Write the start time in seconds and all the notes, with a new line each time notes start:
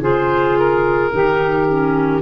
0.00 C#3 F4 G#4 C5
0.59 A#4
1.11 D#3 D#4 G4
1.69 C#4